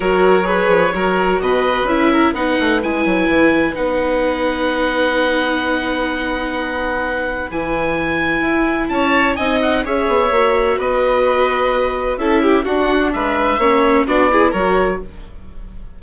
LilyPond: <<
  \new Staff \with { instrumentName = "oboe" } { \time 4/4 \tempo 4 = 128 cis''2. dis''4 | e''4 fis''4 gis''2 | fis''1~ | fis''1 |
gis''2. a''4 | gis''8 fis''8 e''2 dis''4~ | dis''2 e''4 fis''4 | e''2 d''4 cis''4 | }
  \new Staff \with { instrumentName = "violin" } { \time 4/4 ais'4 b'4 ais'4 b'4~ | b'8 ais'8 b'2.~ | b'1~ | b'1~ |
b'2. cis''4 | dis''4 cis''2 b'4~ | b'2 a'8 g'8 fis'4 | b'4 cis''4 fis'8 gis'8 ais'4 | }
  \new Staff \with { instrumentName = "viola" } { \time 4/4 fis'4 gis'4 fis'2 | e'4 dis'4 e'2 | dis'1~ | dis'1 |
e'1 | dis'4 gis'4 fis'2~ | fis'2 e'4 d'4~ | d'4 cis'4 d'8 e'8 fis'4 | }
  \new Staff \with { instrumentName = "bassoon" } { \time 4/4 fis4. f8 fis4 b,4 | cis'4 b8 a8 gis8 fis8 e4 | b1~ | b1 |
e2 e'4 cis'4 | c'4 cis'8 b8 ais4 b4~ | b2 cis'4 d'4 | gis4 ais4 b4 fis4 | }
>>